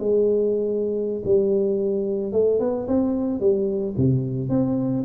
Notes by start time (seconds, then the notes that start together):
0.00 G#3
1.25 G3
2.33 A3
2.60 B3
2.88 C4
3.40 G3
3.97 C3
4.50 C4